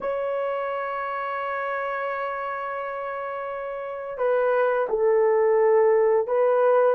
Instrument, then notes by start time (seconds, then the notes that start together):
horn
0.00 C#5
4.17 B4
4.89 A4
6.27 B4